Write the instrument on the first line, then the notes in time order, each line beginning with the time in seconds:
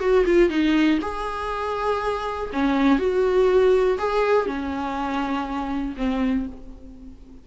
viola
0.00 F#4
0.25 F4
0.49 D#4
1.01 G#4
2.53 C#4
2.99 F#4
3.98 G#4
4.46 C#4
5.97 C4